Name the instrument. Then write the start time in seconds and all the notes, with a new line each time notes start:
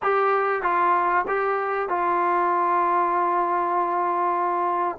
trombone
0.02 G4
0.62 F4
1.27 G4
1.89 F4